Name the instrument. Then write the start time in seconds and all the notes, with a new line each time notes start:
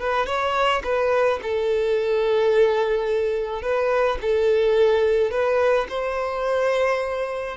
violin
0.00 B4
0.27 C#5
0.84 B4
1.43 A4
3.62 B4
4.21 A4
5.31 B4
5.89 C5